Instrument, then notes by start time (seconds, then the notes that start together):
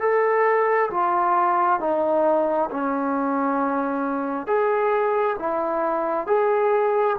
trombone
0.00 A4
0.90 F4
1.80 D#4
2.70 C#4
4.47 G#4
5.38 E4
6.26 G#4